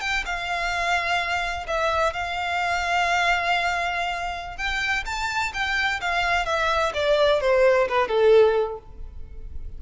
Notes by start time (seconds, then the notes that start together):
0.00 G5
0.25 F5
1.67 E5
2.13 F5
4.57 G5
5.05 A5
5.53 G5
6.00 F5
6.45 E5
6.94 D5
7.41 C5
7.88 B4
8.08 A4